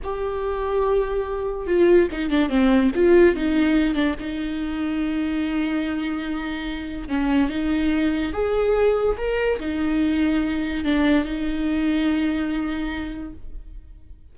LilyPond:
\new Staff \with { instrumentName = "viola" } { \time 4/4 \tempo 4 = 144 g'1 | f'4 dis'8 d'8 c'4 f'4 | dis'4. d'8 dis'2~ | dis'1~ |
dis'4 cis'4 dis'2 | gis'2 ais'4 dis'4~ | dis'2 d'4 dis'4~ | dis'1 | }